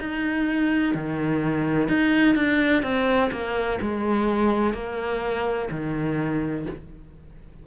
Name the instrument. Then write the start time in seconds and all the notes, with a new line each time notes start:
cello
0.00 D#4
0.94 D#3
1.88 D#4
2.35 D4
2.83 C4
3.31 A#3
3.81 G#3
4.74 A#3
5.71 D#3